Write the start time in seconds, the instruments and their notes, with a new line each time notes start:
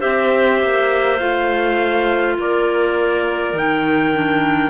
0.00 cello C4, clarinet G4 C5, trumpet E5
0.63 cello A#3
1.19 cello A3, clarinet F4, trumpet F5
2.38 cello A#3, clarinet A#4, trumpet D5
3.53 cello D#3, clarinet D#4, trumpet G5
4.14 clarinet D4